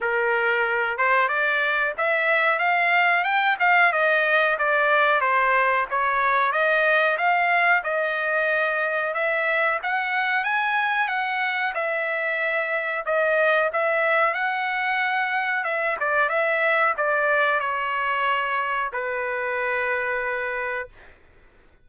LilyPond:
\new Staff \with { instrumentName = "trumpet" } { \time 4/4 \tempo 4 = 92 ais'4. c''8 d''4 e''4 | f''4 g''8 f''8 dis''4 d''4 | c''4 cis''4 dis''4 f''4 | dis''2 e''4 fis''4 |
gis''4 fis''4 e''2 | dis''4 e''4 fis''2 | e''8 d''8 e''4 d''4 cis''4~ | cis''4 b'2. | }